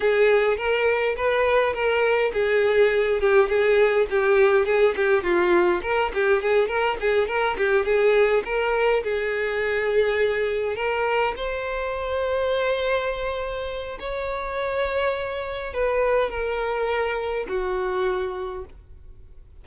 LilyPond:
\new Staff \with { instrumentName = "violin" } { \time 4/4 \tempo 4 = 103 gis'4 ais'4 b'4 ais'4 | gis'4. g'8 gis'4 g'4 | gis'8 g'8 f'4 ais'8 g'8 gis'8 ais'8 | gis'8 ais'8 g'8 gis'4 ais'4 gis'8~ |
gis'2~ gis'8 ais'4 c''8~ | c''1 | cis''2. b'4 | ais'2 fis'2 | }